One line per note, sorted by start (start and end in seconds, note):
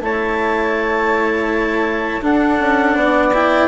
0.00 2.20 A3
0.00 2.21 E4
0.00 2.23 C#5
0.00 2.23 A5
2.21 3.31 D4
2.21 2.58 D4
2.21 2.95 A4
2.21 3.33 F#5
2.58 2.95 C#4
2.95 3.68 B3
2.95 3.68 D5
3.33 3.68 E4
3.33 3.68 G5